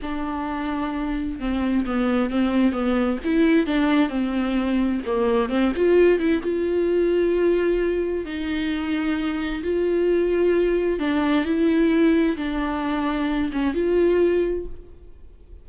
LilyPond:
\new Staff \with { instrumentName = "viola" } { \time 4/4 \tempo 4 = 131 d'2. c'4 | b4 c'4 b4 e'4 | d'4 c'2 ais4 | c'8 f'4 e'8 f'2~ |
f'2 dis'2~ | dis'4 f'2. | d'4 e'2 d'4~ | d'4. cis'8 f'2 | }